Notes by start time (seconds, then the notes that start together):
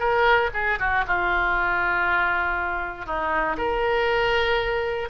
0.00 A#4
0.54 G#4
0.80 F#4
1.07 F4
3.06 D#4
3.58 A#4